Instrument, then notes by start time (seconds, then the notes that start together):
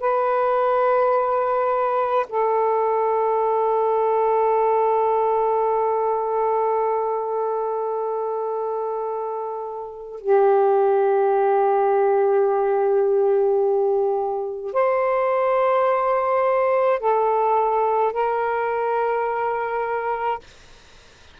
saxophone
0.00 B4
2.28 A4
10.20 G4
14.73 C5
16.99 A4
18.12 A#4